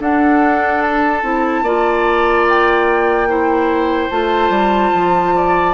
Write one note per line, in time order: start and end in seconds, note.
0.00 1.23 D4
0.00 1.64 A4
0.00 0.82 F#5
0.82 2.47 A5
1.23 1.63 C4
1.23 1.65 E4
1.63 4.09 A#3
1.63 3.29 F4
1.63 3.29 D5
2.49 4.11 G5
3.29 4.11 E4
3.29 5.35 C5
4.11 4.50 A3
4.11 5.75 F4
4.11 5.75 A5
4.50 4.91 G3
4.95 5.75 F3
5.36 5.75 D5